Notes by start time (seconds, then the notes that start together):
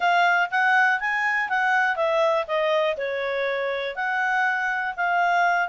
0.00 F5
0.50 F#5
1.00 G#5
1.49 F#5
1.96 E5
2.47 D#5
2.97 C#5
3.95 F#5
4.96 F5